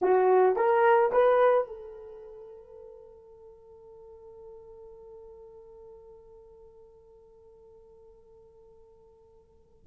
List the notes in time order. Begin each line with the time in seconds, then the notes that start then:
0.01 F#4
0.56 A#4
1.12 B4
1.67 A4